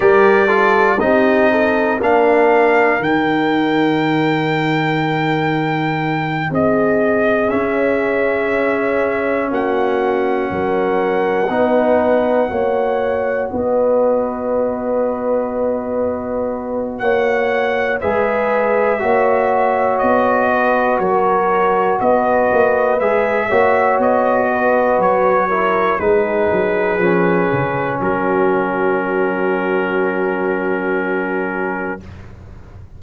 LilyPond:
<<
  \new Staff \with { instrumentName = "trumpet" } { \time 4/4 \tempo 4 = 60 d''4 dis''4 f''4 g''4~ | g''2~ g''8 dis''4 e''8~ | e''4. fis''2~ fis''8~ | fis''4. dis''2~ dis''8~ |
dis''4 fis''4 e''2 | dis''4 cis''4 dis''4 e''4 | dis''4 cis''4 b'2 | ais'1 | }
  \new Staff \with { instrumentName = "horn" } { \time 4/4 ais'8 a'8 g'8 a'8 ais'2~ | ais'2~ ais'8 gis'4.~ | gis'4. fis'4 ais'4 b'8~ | b'8 cis''4 b'2~ b'8~ |
b'4 cis''4 b'4 cis''4~ | cis''8 b'8 ais'4 b'4. cis''8~ | cis''8 b'4 ais'8 gis'2 | fis'1 | }
  \new Staff \with { instrumentName = "trombone" } { \time 4/4 g'8 f'8 dis'4 d'4 dis'4~ | dis'2.~ dis'8 cis'8~ | cis'2.~ cis'8 dis'8~ | dis'8 fis'2.~ fis'8~ |
fis'2 gis'4 fis'4~ | fis'2. gis'8 fis'8~ | fis'4. e'8 dis'4 cis'4~ | cis'1 | }
  \new Staff \with { instrumentName = "tuba" } { \time 4/4 g4 c'4 ais4 dis4~ | dis2~ dis8 c'4 cis'8~ | cis'4. ais4 fis4 b8~ | b8 ais4 b2~ b8~ |
b4 ais4 gis4 ais4 | b4 fis4 b8 ais8 gis8 ais8 | b4 fis4 gis8 fis8 f8 cis8 | fis1 | }
>>